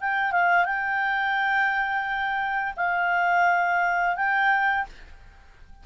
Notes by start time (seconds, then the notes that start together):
0.00 G5
0.31 F5
0.64 G5
2.76 F5
4.15 G5